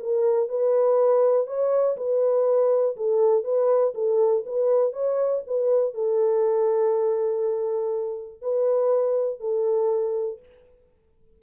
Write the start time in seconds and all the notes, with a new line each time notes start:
0.00 A#4
0.49 B4
1.47 C#5
1.97 B4
2.97 A4
3.44 B4
3.95 A4
4.47 B4
4.93 C#5
5.47 B4
5.94 A4
8.42 B4
9.40 A4